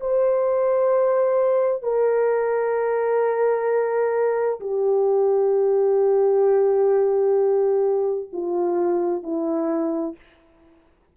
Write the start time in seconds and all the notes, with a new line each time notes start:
0.00 C5
1.83 A#4
4.60 G4
8.32 F4
9.23 E4